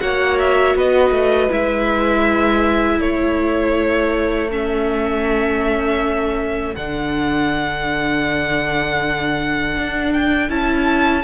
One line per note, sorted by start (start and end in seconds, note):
0.00 0.75 A#3
0.00 1.50 F#4
0.00 0.76 C#5
0.00 0.38 F#5
0.39 0.76 E5
0.75 1.10 B3
0.75 3.00 B4
0.75 1.52 D#5
1.10 1.48 A3
1.50 3.00 G#3
1.50 4.50 E4
1.50 3.00 E5
3.00 6.75 A3
3.00 11.24 A4
3.00 4.50 C#5
4.50 6.75 C#4
4.50 6.75 E5
6.75 9.77 D3
6.75 10.49 D4
6.75 10.13 F#5
9.77 10.50 D4
10.13 10.50 G5
10.49 11.24 C#4
10.49 11.24 E4
10.49 11.24 A5